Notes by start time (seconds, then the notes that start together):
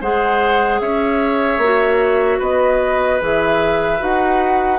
0.00 G#3 G#4 C5 F#5
0.80 C#4 C#5 E5
1.58 A#3 F#4
2.38 B3 B4 D#5
3.20 E3 G#4 E5
3.99 D#4 F#4 F#5